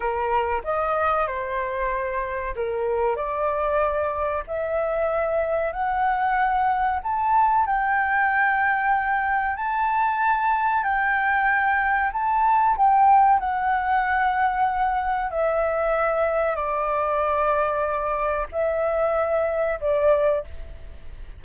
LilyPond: \new Staff \with { instrumentName = "flute" } { \time 4/4 \tempo 4 = 94 ais'4 dis''4 c''2 | ais'4 d''2 e''4~ | e''4 fis''2 a''4 | g''2. a''4~ |
a''4 g''2 a''4 | g''4 fis''2. | e''2 d''2~ | d''4 e''2 d''4 | }